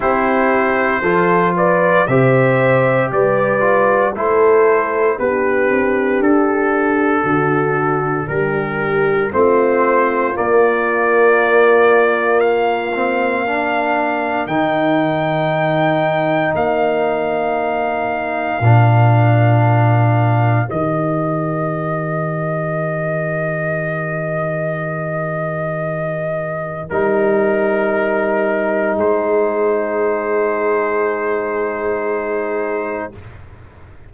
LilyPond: <<
  \new Staff \with { instrumentName = "trumpet" } { \time 4/4 \tempo 4 = 58 c''4. d''8 e''4 d''4 | c''4 b'4 a'2 | ais'4 c''4 d''2 | f''2 g''2 |
f''1 | dis''1~ | dis''2 ais'2 | c''1 | }
  \new Staff \with { instrumentName = "horn" } { \time 4/4 g'4 a'8 b'8 c''4 b'4 | a'4 g'2 fis'4 | g'4 f'2.~ | f'4 ais'2.~ |
ais'1~ | ais'1~ | ais'1 | gis'1 | }
  \new Staff \with { instrumentName = "trombone" } { \time 4/4 e'4 f'4 g'4. f'8 | e'4 d'2.~ | d'4 c'4 ais2~ | ais8 c'8 d'4 dis'2~ |
dis'2 d'2 | g'1~ | g'2 dis'2~ | dis'1 | }
  \new Staff \with { instrumentName = "tuba" } { \time 4/4 c'4 f4 c4 g4 | a4 b8 c'8 d'4 d4 | g4 a4 ais2~ | ais2 dis2 |
ais2 ais,2 | dis1~ | dis2 g2 | gis1 | }
>>